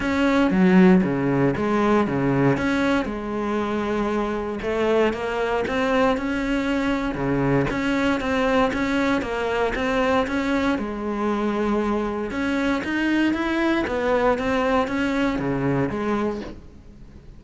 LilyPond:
\new Staff \with { instrumentName = "cello" } { \time 4/4 \tempo 4 = 117 cis'4 fis4 cis4 gis4 | cis4 cis'4 gis2~ | gis4 a4 ais4 c'4 | cis'2 cis4 cis'4 |
c'4 cis'4 ais4 c'4 | cis'4 gis2. | cis'4 dis'4 e'4 b4 | c'4 cis'4 cis4 gis4 | }